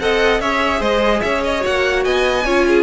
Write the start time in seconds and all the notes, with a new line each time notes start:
0.00 C4 A4 D#5 F#5
0.39 C#4 G#4 C#5 E5
0.80 G#3 C5 D#5
1.21 C#4 C#5 E5
1.44 D#5
1.60 A#3 F#4 F#5
2.04 B3 D#5 G#5
2.45 C#4 F4 C#5
2.67 G#4